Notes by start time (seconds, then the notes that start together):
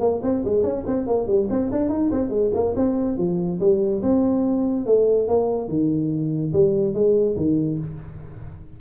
0.00 A#3
0.23 C4
0.45 G#3
0.64 C#4
0.86 C4
1.07 A#3
1.27 G3
1.50 C4
1.72 D4
1.90 D#4
2.12 C4
2.30 G#3
2.54 A#3
2.76 C4
3.18 F3
3.60 G3
4.03 C4
4.86 A3
5.28 A#3
5.69 D#3
6.53 G3
6.94 G#3
7.37 D#3